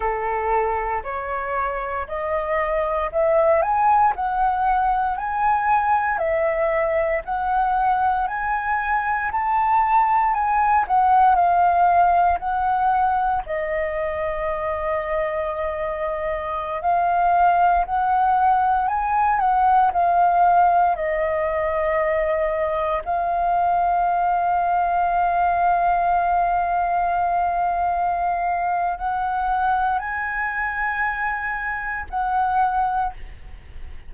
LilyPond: \new Staff \with { instrumentName = "flute" } { \time 4/4 \tempo 4 = 58 a'4 cis''4 dis''4 e''8 gis''8 | fis''4 gis''4 e''4 fis''4 | gis''4 a''4 gis''8 fis''8 f''4 | fis''4 dis''2.~ |
dis''16 f''4 fis''4 gis''8 fis''8 f''8.~ | f''16 dis''2 f''4.~ f''16~ | f''1 | fis''4 gis''2 fis''4 | }